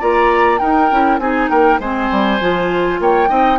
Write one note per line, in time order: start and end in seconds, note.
0.00 0.61 A#3
0.00 0.59 F4
0.00 0.60 D5
0.00 0.58 A#5
0.58 0.89 D#4
0.58 0.91 D#4
0.58 1.20 A#4
0.58 1.18 G5
0.91 1.19 C#4
0.91 1.20 E4
1.19 1.49 C4
1.19 1.80 D#4
1.19 1.50 G#4
1.19 1.49 G#5
1.50 1.79 A#3
1.50 1.80 A#4
1.50 1.79 G5
1.79 2.09 G#3
1.79 2.40 C4
1.79 3.00 C5
1.79 3.01 G#5
2.11 2.41 G3
2.41 3.00 F3
2.41 3.28 F4
3.00 3.30 A#3
3.00 3.29 C#5
3.00 3.59 G5
3.28 3.59 C4
3.28 3.58 D#4
3.28 3.59 D#5